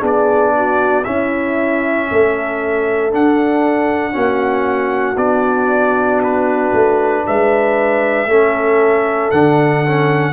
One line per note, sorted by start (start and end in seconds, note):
0.00 1.06 B3
0.00 1.04 D4
0.00 0.52 G#4
0.06 1.05 D5
0.57 1.05 F#4
1.05 3.11 C#4
1.05 2.10 C#4
1.05 2.08 E4
1.05 3.11 E5
2.11 3.14 A3
2.11 4.13 A4
3.11 4.12 D4
3.11 4.16 D4
3.11 5.18 F#5
4.12 5.17 A#3
4.12 5.16 C#4
4.12 7.24 F#4
5.17 6.72 B3
5.17 8.28 D4
5.17 6.21 D5
6.23 7.27 B4
6.73 7.25 A3
7.26 8.26 G#3
7.26 8.29 B4
7.26 9.31 E5
8.26 9.30 A3
8.26 9.33 C#4
8.26 10.33 A4
9.31 10.33 D3
9.31 9.86 D4
9.31 10.33 F#5
9.86 10.33 C#4